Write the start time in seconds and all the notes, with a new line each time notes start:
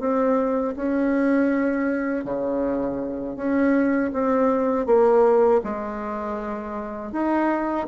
0.00 C4
0.76 C#4
2.25 C#3
3.36 C#4
4.13 C4
4.86 A#3
5.64 G#3
7.12 D#4